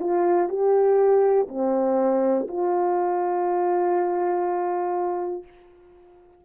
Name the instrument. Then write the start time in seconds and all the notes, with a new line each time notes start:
horn
0.00 F4
0.49 G4
1.48 C4
2.48 F4